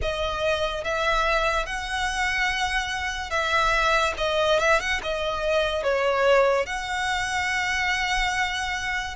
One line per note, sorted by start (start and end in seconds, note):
0.01 0.84 D#5
0.84 1.66 E5
1.66 3.30 F#5
3.30 4.13 E5
4.17 4.59 D#5
4.59 4.80 E5
4.80 5.00 F#5
5.02 5.83 D#5
5.83 6.66 C#5
6.66 9.15 F#5